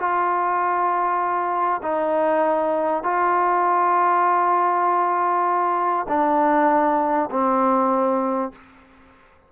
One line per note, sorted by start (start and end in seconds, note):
0.00 1.82 F4
1.83 3.04 D#4
3.04 6.07 F4
6.09 7.30 D4
7.31 8.52 C4